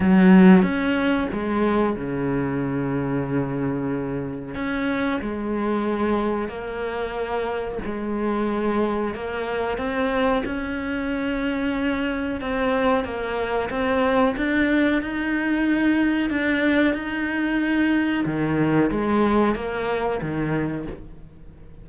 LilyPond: \new Staff \with { instrumentName = "cello" } { \time 4/4 \tempo 4 = 92 fis4 cis'4 gis4 cis4~ | cis2. cis'4 | gis2 ais2 | gis2 ais4 c'4 |
cis'2. c'4 | ais4 c'4 d'4 dis'4~ | dis'4 d'4 dis'2 | dis4 gis4 ais4 dis4 | }